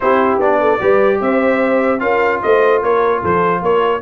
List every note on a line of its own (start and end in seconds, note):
0.00 0.38 C4
0.00 0.41 E4
0.00 0.60 G4
0.00 0.40 C5
0.38 0.78 B3
0.38 0.79 D4
0.38 1.21 D5
0.60 0.80 A4
0.79 1.20 G3
0.79 1.99 G4
0.79 1.20 B4
1.20 2.00 C4
1.20 2.01 C5
1.20 2.00 E5
1.99 2.41 C#4
1.99 4.00 F4
1.99 2.41 A#4
1.99 2.40 F5
2.42 2.82 A3
2.42 2.84 C5
2.42 2.82 D#5
2.82 3.22 A#3
2.82 3.20 A#4
2.82 3.23 C#5
3.20 3.61 F3
3.20 3.60 A4
3.20 3.63 C5
3.60 4.01 A#3
3.60 4.01 A#4
3.60 4.01 C#5